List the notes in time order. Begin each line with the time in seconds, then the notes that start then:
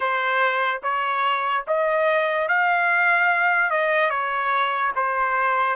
0.00 C5
0.82 C#5
1.67 D#5
2.48 F5
3.70 D#5
4.09 C#5
4.95 C5